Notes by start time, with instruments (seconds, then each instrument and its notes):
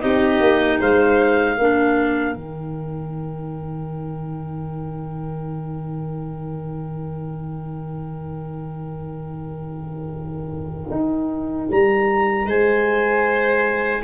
0.00 tuba C4, clarinet D#4 D#5, violin G4
0.40 tuba A#3
0.79 tuba G#3, violin C5, clarinet F5
1.57 tuba A#3, clarinet D4, violin A#4
2.34 tuba D#3, clarinet D#4 G5
10.90 tuba D#4
11.71 tuba G3, clarinet A#5
12.46 tuba G#3, violin C5, clarinet G#5